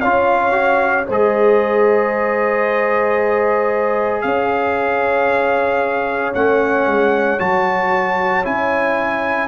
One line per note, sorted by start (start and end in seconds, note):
0.00 1.09 C#4
0.00 0.52 F4
0.00 1.07 C#5
0.00 1.05 F5
0.52 1.05 F#4
1.07 4.24 G#3
1.07 6.35 G#4
1.07 4.23 C5
1.07 4.21 D#5
4.21 6.34 C#4
4.21 9.48 C#5
4.21 6.32 F5
6.34 6.87 A3
6.34 7.39 C#4
6.34 7.39 F#5
6.87 7.39 G#3
7.39 8.46 F#3
7.39 8.44 F#4
7.39 8.45 A5
8.44 9.48 C#4
8.44 9.48 E4
8.44 9.48 G#5